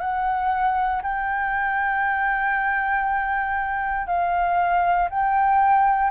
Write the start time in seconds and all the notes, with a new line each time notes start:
0.00 F#5
1.02 G5
4.07 F5
5.09 G5